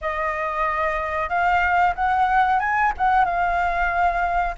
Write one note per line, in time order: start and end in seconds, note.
0.01 1.29 D#5
1.29 1.94 F5
1.95 2.59 F#5
2.59 2.92 G#5
2.97 3.24 F#5
3.24 4.55 F5